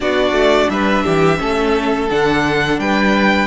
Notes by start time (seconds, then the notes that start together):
0.00 B3 D4 F#4 D5
0.32 A3
0.69 G3 B4 E5
1.03 E3 G4
1.38 A3 C#4 A4
2.10 D3 D4 F#5
2.78 G3 B4 G5